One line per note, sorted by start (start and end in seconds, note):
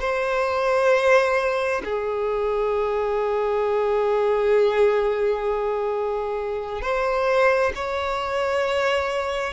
0.00 1.82 C5
1.84 6.82 G#4
6.82 7.73 C5
7.75 9.53 C#5